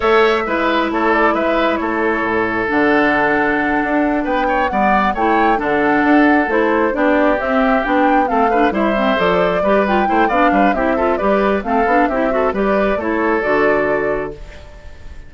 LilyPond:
<<
  \new Staff \with { instrumentName = "flute" } { \time 4/4 \tempo 4 = 134 e''2 cis''8 d''8 e''4 | cis''2 fis''2~ | fis''4. g''4 fis''4 g''8~ | g''8 fis''2 c''4 d''8~ |
d''8 e''4 g''4 f''4 e''8~ | e''8 d''4. g''4 f''4 | e''4 d''4 f''4 e''4 | d''4 cis''4 d''2 | }
  \new Staff \with { instrumentName = "oboe" } { \time 4/4 cis''4 b'4 a'4 b'4 | a'1~ | a'4. b'8 cis''8 d''4 cis''8~ | cis''8 a'2. g'8~ |
g'2~ g'8 a'8 b'8 c''8~ | c''4. b'4 c''8 d''8 b'8 | g'8 a'8 b'4 a'4 g'8 a'8 | b'4 a'2. | }
  \new Staff \with { instrumentName = "clarinet" } { \time 4/4 a'4 e'2.~ | e'2 d'2~ | d'2~ d'8 b4 e'8~ | e'8 d'2 e'4 d'8~ |
d'8 c'4 d'4 c'8 d'8 e'8 | c'8 a'4 g'8 f'8 e'8 d'4 | e'8 f'8 g'4 c'8 d'8 e'8 fis'8 | g'4 e'4 fis'2 | }
  \new Staff \with { instrumentName = "bassoon" } { \time 4/4 a4 gis4 a4 gis4 | a4 a,4 d2~ | d8 d'4 b4 g4 a8~ | a8 d4 d'4 a4 b8~ |
b8 c'4 b4 a4 g8~ | g8 f4 g4 a8 b8 g8 | c'4 g4 a8 b8 c'4 | g4 a4 d2 | }
>>